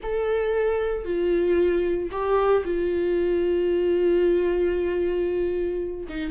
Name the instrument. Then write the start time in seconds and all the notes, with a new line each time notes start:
viola
0.02 A4
1.04 F4
2.11 G4
2.64 F4
6.08 D#4